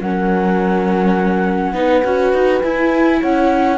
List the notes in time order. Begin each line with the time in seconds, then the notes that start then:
0.00 F#3 C#4 A#4 F#5
1.72 B3 D#4 B4
2.04 C#4 F#4
2.33 D#4
2.61 E4 G#5
3.20 C#4 C#5 F#5